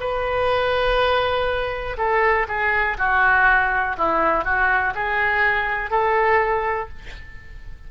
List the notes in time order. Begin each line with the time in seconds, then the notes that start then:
0.00 B4
1.98 A4
2.48 G#4
2.98 F#4
3.97 E4
4.44 F#4
4.95 G#4
5.91 A4